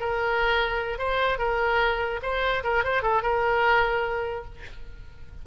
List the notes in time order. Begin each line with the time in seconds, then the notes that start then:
0.00 A#4
0.99 C5
1.39 A#4
2.23 C5
2.64 A#4
2.84 C5
3.02 A4
3.23 A#4